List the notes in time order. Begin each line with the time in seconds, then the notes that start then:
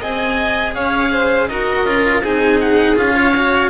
0.00 C4 G#4 D#5 G#5
0.74 C#4 C#5 F5
1.12 C5
1.48 D#4 F#4 A#4 D#5
1.85 C#4 F4
2.22 C4 D#4 G#4 G#5
2.60 F#5
2.96 C#4 F4 F5
3.15 C#5
3.35 F#4